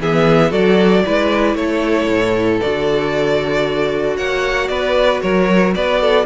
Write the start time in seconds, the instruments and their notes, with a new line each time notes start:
0.00 cello E3, viola B3, violin G#4 E5
0.51 cello F#3, viola F#4, violin A4 D5
1.05 cello G#3, viola E4, violin B4
1.55 cello A3, violin A4 C#5
2.07 cello A2
2.61 cello D3, viola F#4, violin D5
4.16 cello A#3, violin C#5 F#5
4.68 cello B3, violin B4 D5
5.21 cello F#3, violin A#4 C#5
5.75 cello B3, violin B4 D5
6.01 violin A4